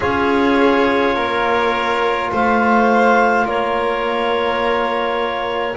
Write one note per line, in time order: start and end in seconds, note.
0.00 1.15 C#4
0.00 5.75 F4
0.00 1.14 G#4
0.00 2.32 C#5
1.14 2.30 A#3
1.14 2.30 A#4
2.31 3.45 A3
2.31 3.46 C5
2.31 3.47 F5
3.45 5.75 A#3
3.45 5.76 A#4
3.45 5.76 C#5